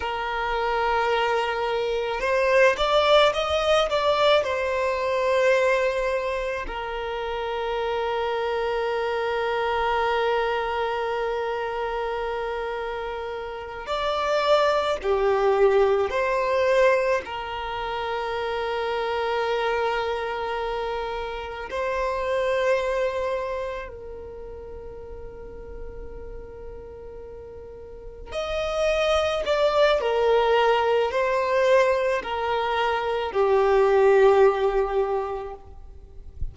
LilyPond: \new Staff \with { instrumentName = "violin" } { \time 4/4 \tempo 4 = 54 ais'2 c''8 d''8 dis''8 d''8 | c''2 ais'2~ | ais'1~ | ais'8 d''4 g'4 c''4 ais'8~ |
ais'2.~ ais'8 c''8~ | c''4. ais'2~ ais'8~ | ais'4. dis''4 d''8 ais'4 | c''4 ais'4 g'2 | }